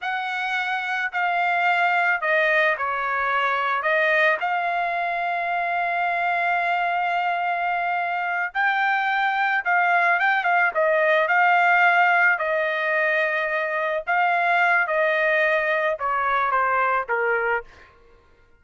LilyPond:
\new Staff \with { instrumentName = "trumpet" } { \time 4/4 \tempo 4 = 109 fis''2 f''2 | dis''4 cis''2 dis''4 | f''1~ | f''2.~ f''8 g''8~ |
g''4. f''4 g''8 f''8 dis''8~ | dis''8 f''2 dis''4.~ | dis''4. f''4. dis''4~ | dis''4 cis''4 c''4 ais'4 | }